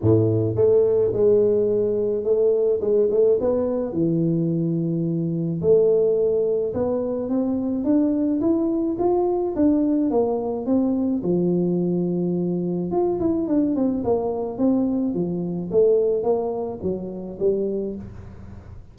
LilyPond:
\new Staff \with { instrumentName = "tuba" } { \time 4/4 \tempo 4 = 107 a,4 a4 gis2 | a4 gis8 a8 b4 e4~ | e2 a2 | b4 c'4 d'4 e'4 |
f'4 d'4 ais4 c'4 | f2. f'8 e'8 | d'8 c'8 ais4 c'4 f4 | a4 ais4 fis4 g4 | }